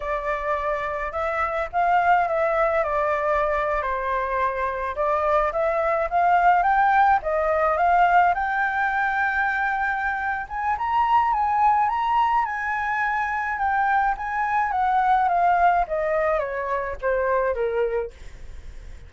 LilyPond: \new Staff \with { instrumentName = "flute" } { \time 4/4 \tempo 4 = 106 d''2 e''4 f''4 | e''4 d''4.~ d''16 c''4~ c''16~ | c''8. d''4 e''4 f''4 g''16~ | g''8. dis''4 f''4 g''4~ g''16~ |
g''2~ g''8 gis''8 ais''4 | gis''4 ais''4 gis''2 | g''4 gis''4 fis''4 f''4 | dis''4 cis''4 c''4 ais'4 | }